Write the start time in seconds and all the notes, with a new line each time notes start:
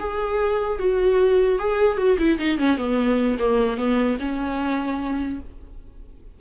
0.00 G#4
0.79 F#4
1.59 G#4
1.98 F#4
2.19 E4
2.39 D#4
2.58 C#4
2.78 B3
3.39 A#3
3.77 B3
4.20 C#4